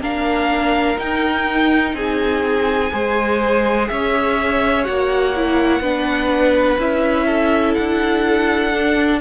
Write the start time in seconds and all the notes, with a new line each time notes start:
0.00 A#3 D4 A#4 F5
0.96 D#4 G5
1.94 C4 G#4 G#5
2.91 G#3 G#4 C5
3.88 C#4 C#5 E5
4.84 A#3 F#4 F#5
5.35 E4
5.80 B3 D4 B4
6.77 C#4 E4 E5
7.26 A4
7.74 D4 F#5
8.73 D4